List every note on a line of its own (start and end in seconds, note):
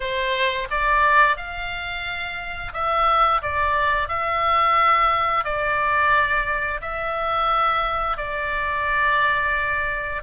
0.00 0.68 C5
0.70 1.36 D5
1.36 2.73 F5
2.73 3.41 E5
3.42 4.08 D5
4.08 5.44 E5
5.44 6.80 D5
6.81 8.17 E5
8.17 10.21 D5